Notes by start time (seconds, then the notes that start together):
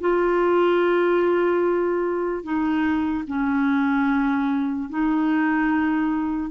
0.00 F4
2.43 D#4
3.28 C#4
4.89 D#4